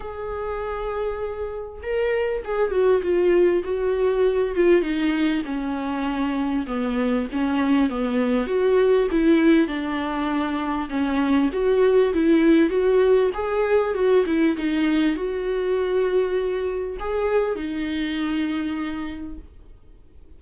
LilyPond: \new Staff \with { instrumentName = "viola" } { \time 4/4 \tempo 4 = 99 gis'2. ais'4 | gis'8 fis'8 f'4 fis'4. f'8 | dis'4 cis'2 b4 | cis'4 b4 fis'4 e'4 |
d'2 cis'4 fis'4 | e'4 fis'4 gis'4 fis'8 e'8 | dis'4 fis'2. | gis'4 dis'2. | }